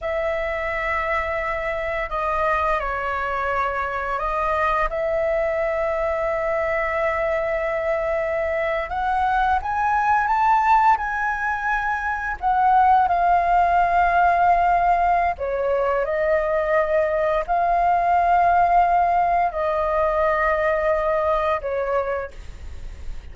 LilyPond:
\new Staff \with { instrumentName = "flute" } { \time 4/4 \tempo 4 = 86 e''2. dis''4 | cis''2 dis''4 e''4~ | e''1~ | e''8. fis''4 gis''4 a''4 gis''16~ |
gis''4.~ gis''16 fis''4 f''4~ f''16~ | f''2 cis''4 dis''4~ | dis''4 f''2. | dis''2. cis''4 | }